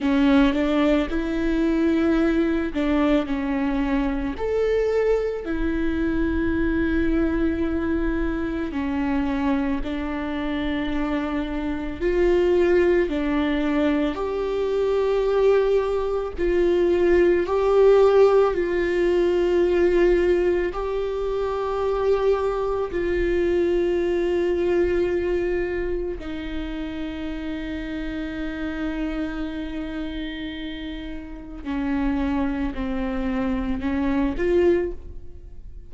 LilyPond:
\new Staff \with { instrumentName = "viola" } { \time 4/4 \tempo 4 = 55 cis'8 d'8 e'4. d'8 cis'4 | a'4 e'2. | cis'4 d'2 f'4 | d'4 g'2 f'4 |
g'4 f'2 g'4~ | g'4 f'2. | dis'1~ | dis'4 cis'4 c'4 cis'8 f'8 | }